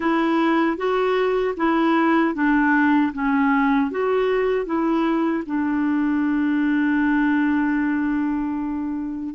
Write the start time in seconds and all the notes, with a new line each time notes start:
0.00 E4
0.77 F#4
1.57 E4
2.34 D4
3.13 C#4
3.91 F#4
4.65 E4
5.45 D4